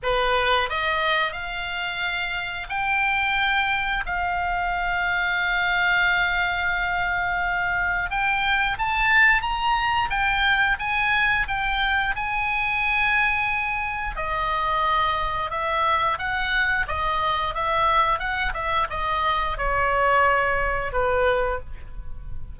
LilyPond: \new Staff \with { instrumentName = "oboe" } { \time 4/4 \tempo 4 = 89 b'4 dis''4 f''2 | g''2 f''2~ | f''1 | g''4 a''4 ais''4 g''4 |
gis''4 g''4 gis''2~ | gis''4 dis''2 e''4 | fis''4 dis''4 e''4 fis''8 e''8 | dis''4 cis''2 b'4 | }